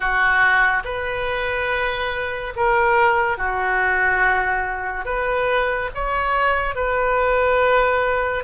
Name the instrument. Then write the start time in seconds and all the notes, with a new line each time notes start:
oboe
0.00 F#4
0.84 B4
2.56 A#4
3.37 F#4
5.05 B4
5.94 C#5
6.75 B4